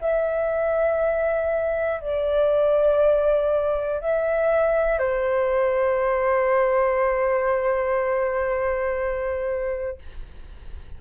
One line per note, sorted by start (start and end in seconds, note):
0.00 2.00 E5
2.00 4.00 D5
4.00 4.98 E5
4.98 9.98 C5